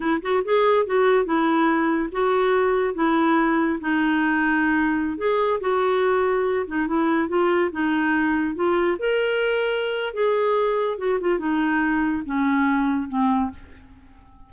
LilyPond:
\new Staff \with { instrumentName = "clarinet" } { \time 4/4 \tempo 4 = 142 e'8 fis'8 gis'4 fis'4 e'4~ | e'4 fis'2 e'4~ | e'4 dis'2.~ | dis'16 gis'4 fis'2~ fis'8 dis'16~ |
dis'16 e'4 f'4 dis'4.~ dis'16~ | dis'16 f'4 ais'2~ ais'8. | gis'2 fis'8 f'8 dis'4~ | dis'4 cis'2 c'4 | }